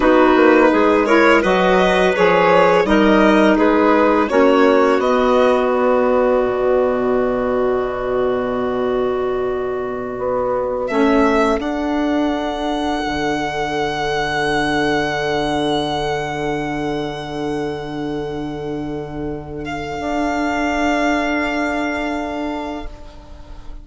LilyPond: <<
  \new Staff \with { instrumentName = "violin" } { \time 4/4 \tempo 4 = 84 b'4. cis''8 dis''4 cis''4 | dis''4 b'4 cis''4 dis''4 | d''1~ | d''2.~ d''16 e''8.~ |
e''16 fis''2.~ fis''8.~ | fis''1~ | fis''2.~ fis''8 f''8~ | f''1 | }
  \new Staff \with { instrumentName = "clarinet" } { \time 4/4 fis'4 gis'8 ais'8 b'2 | ais'4 gis'4 fis'2~ | fis'1~ | fis'2.~ fis'16 a'8.~ |
a'1~ | a'1~ | a'1~ | a'1 | }
  \new Staff \with { instrumentName = "saxophone" } { \time 4/4 dis'4. e'8 fis'4 gis'4 | dis'2 cis'4 b4~ | b1~ | b2.~ b16 cis'8.~ |
cis'16 d'2.~ d'8.~ | d'1~ | d'1~ | d'1 | }
  \new Staff \with { instrumentName = "bassoon" } { \time 4/4 b8 ais8 gis4 fis4 f4 | g4 gis4 ais4 b4~ | b4 b,2.~ | b,2~ b,16 b4 a8.~ |
a16 d'2 d4.~ d16~ | d1~ | d1 | d'1 | }
>>